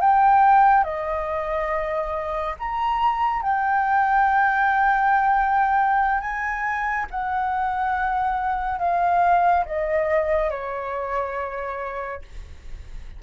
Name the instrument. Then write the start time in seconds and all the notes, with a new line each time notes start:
flute
0.00 G5
0.83 D#5
2.59 A#5
3.42 G5
6.20 G#5
7.10 F#5
8.79 F5
9.65 D#5
10.50 C#5